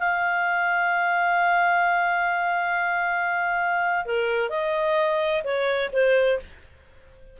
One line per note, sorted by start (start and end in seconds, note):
0.00 4.06 F5
4.06 4.50 A#4
4.50 5.43 D#5
5.44 5.91 C#5
5.93 6.40 C5